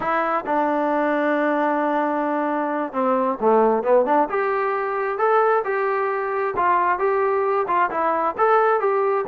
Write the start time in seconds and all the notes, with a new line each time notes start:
0.00 E4
0.46 D4
2.92 C4
3.40 A3
3.83 B3
4.05 D4
4.29 G4
5.18 A4
5.64 G4
6.56 F4
6.98 G4
7.67 F4
7.90 E4
8.37 A4
8.79 G4